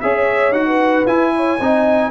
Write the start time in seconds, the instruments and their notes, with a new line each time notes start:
0.00 tuba C#4, trombone G#4, horn C#5, trumpet E5
0.51 tuba D#4, trombone F#4, trumpet F#5
0.66 horn B4
1.06 tuba E4, trombone E4, trumpet G#5
1.35 horn C#5
1.59 tuba C4, trombone D#4, horn D#5